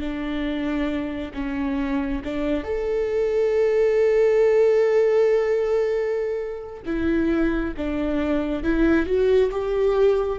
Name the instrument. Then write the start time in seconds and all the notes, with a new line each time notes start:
viola
0.00 D4
1.34 C#4
2.24 D4
2.64 A4
6.86 E4
7.77 D4
8.64 E4
9.06 F#4
9.51 G4